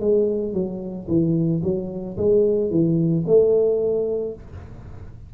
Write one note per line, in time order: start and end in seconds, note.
0.00 0.54 G#3
0.54 1.07 F#3
1.08 1.62 E3
1.63 2.17 F#3
2.17 2.70 G#3
2.70 3.24 E3
3.27 4.34 A3